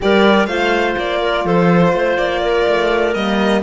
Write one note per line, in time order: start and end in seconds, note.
0.00 0.47 G3
0.00 0.48 G4
0.00 0.48 A#4
0.00 0.46 D5
0.46 0.95 A3
0.46 3.15 F4
0.46 1.20 C5
0.46 0.94 F5
0.97 1.44 A#3
0.97 1.46 D5
1.21 1.44 A#4
1.44 1.92 F3
1.44 1.93 A4
1.44 2.17 C5
1.93 2.17 A3
1.93 2.42 C5
2.17 2.66 A#3
2.17 3.13 D5
2.42 3.62 A#4
2.67 3.15 A3
3.13 3.62 G3
3.13 3.62 A#3
3.13 3.62 D#5